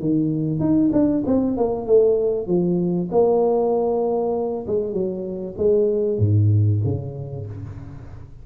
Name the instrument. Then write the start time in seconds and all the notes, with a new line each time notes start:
tuba
0.00 D#3
0.60 D#4
0.93 D4
1.27 C4
1.57 A#3
1.87 A3
2.47 F3
3.12 A#3
4.67 G#3
4.94 F#3
5.58 G#3
6.19 G#2
6.85 C#3